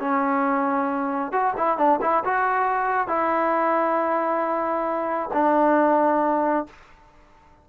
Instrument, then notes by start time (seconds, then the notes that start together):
trombone
0.00 C#4
1.32 F#4
1.57 E4
1.78 D4
2.01 E4
2.25 F#4
3.08 E4
5.33 D4